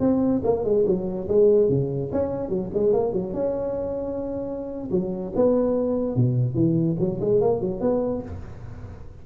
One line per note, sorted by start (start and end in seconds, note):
0.00 0.42 C4
0.44 0.65 A#3
0.65 0.85 G#3
0.86 1.28 F#3
1.29 1.70 G#3
1.70 2.11 C#3
2.12 2.49 C#4
2.49 2.70 F#3
2.74 2.93 G#3
2.93 3.13 A#3
3.13 3.34 F#3
3.34 4.90 C#4
4.91 5.33 F#3
5.36 6.16 B3
6.16 6.55 B2
6.55 6.97 E3
7.00 7.20 F#3
7.21 7.41 G#3
7.41 7.61 A#3
7.61 7.81 F#3
7.81 8.23 B3